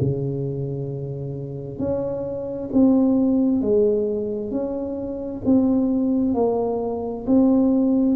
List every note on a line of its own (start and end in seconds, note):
0.00 1.79 C#3
1.79 2.69 C#4
2.73 3.61 C4
3.61 4.51 G#3
4.51 5.42 C#4
5.45 6.34 C4
6.34 7.25 A#3
7.27 8.16 C4